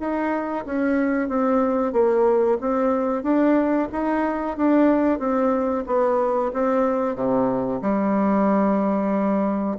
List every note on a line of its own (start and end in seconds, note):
0.00 0.65 D#4
0.66 1.29 C#4
1.29 1.93 C4
1.93 2.58 A#3
2.61 3.23 C4
3.23 3.88 D4
3.92 4.57 D#4
4.57 5.19 D4
5.19 5.84 C4
5.87 6.52 B3
6.54 7.15 C4
7.15 7.81 C3
7.82 9.78 G3